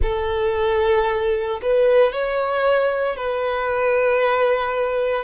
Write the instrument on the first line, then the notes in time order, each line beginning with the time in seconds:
violin
0.02 A4
1.61 B4
2.12 C#5
3.16 B4